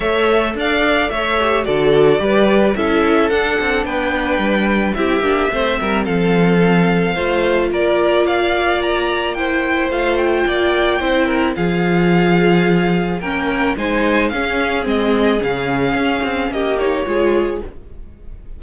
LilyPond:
<<
  \new Staff \with { instrumentName = "violin" } { \time 4/4 \tempo 4 = 109 e''4 f''4 e''4 d''4~ | d''4 e''4 fis''4 g''4~ | g''4 e''2 f''4~ | f''2 d''4 f''4 |
ais''4 g''4 f''8 g''4.~ | g''4 f''2. | g''4 gis''4 f''4 dis''4 | f''2 dis''8 cis''4. | }
  \new Staff \with { instrumentName = "violin" } { \time 4/4 cis''4 d''4 cis''4 a'4 | b'4 a'2 b'4~ | b'4 g'4 c''8 ais'8 a'4~ | a'4 c''4 ais'4 d''4~ |
d''4 c''2 d''4 | c''8 ais'8 gis'2. | ais'4 c''4 gis'2~ | gis'2 g'4 gis'4 | }
  \new Staff \with { instrumentName = "viola" } { \time 4/4 a'2~ a'8 g'8 fis'4 | g'4 e'4 d'2~ | d'4 e'8 d'8 c'2~ | c'4 f'2.~ |
f'4 e'4 f'2 | e'4 f'2. | cis'4 dis'4 cis'4 c'4 | cis'2~ cis'8 dis'8 f'4 | }
  \new Staff \with { instrumentName = "cello" } { \time 4/4 a4 d'4 a4 d4 | g4 cis'4 d'8 c'8 b4 | g4 c'8 ais8 a8 g8 f4~ | f4 a4 ais2~ |
ais2 a4 ais4 | c'4 f2. | ais4 gis4 cis'4 gis4 | cis4 cis'8 c'8 ais4 gis4 | }
>>